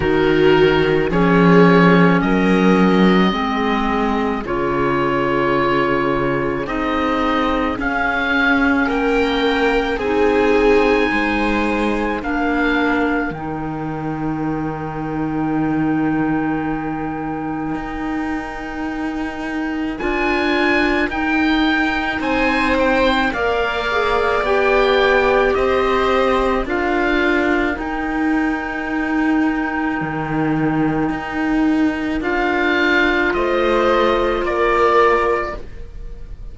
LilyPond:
<<
  \new Staff \with { instrumentName = "oboe" } { \time 4/4 \tempo 4 = 54 ais'4 cis''4 dis''2 | cis''2 dis''4 f''4 | g''4 gis''2 f''4 | g''1~ |
g''2 gis''4 g''4 | gis''8 g''8 f''4 g''4 dis''4 | f''4 g''2.~ | g''4 f''4 dis''4 d''4 | }
  \new Staff \with { instrumentName = "viola" } { \time 4/4 fis'4 gis'4 ais'4 gis'4~ | gis'1 | ais'4 gis'4 c''4 ais'4~ | ais'1~ |
ais'1 | c''4 d''2 c''4 | ais'1~ | ais'2 c''4 ais'4 | }
  \new Staff \with { instrumentName = "clarinet" } { \time 4/4 dis'4 cis'2 c'4 | f'2 dis'4 cis'4~ | cis'4 dis'2 d'4 | dis'1~ |
dis'2 f'4 dis'4~ | dis'4 ais'8 gis'8 g'2 | f'4 dis'2.~ | dis'4 f'2. | }
  \new Staff \with { instrumentName = "cello" } { \time 4/4 dis4 f4 fis4 gis4 | cis2 c'4 cis'4 | ais4 c'4 gis4 ais4 | dis1 |
dis'2 d'4 dis'4 | c'4 ais4 b4 c'4 | d'4 dis'2 dis4 | dis'4 d'4 a4 ais4 | }
>>